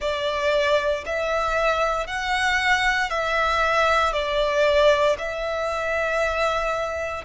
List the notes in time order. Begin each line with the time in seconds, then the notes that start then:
0.00 D5
1.05 E5
2.06 F#5
3.10 E5
4.12 D5
5.18 E5